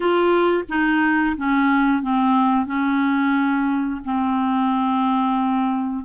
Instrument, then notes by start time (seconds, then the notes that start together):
clarinet
0.00 F4
0.68 D#4
1.37 C#4
2.02 C4
2.65 C#4
4.04 C4